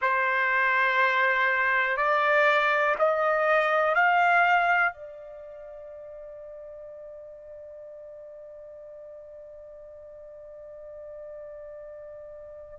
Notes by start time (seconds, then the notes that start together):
0.01 C5
1.97 D5
2.98 D#5
3.94 F5
4.92 D5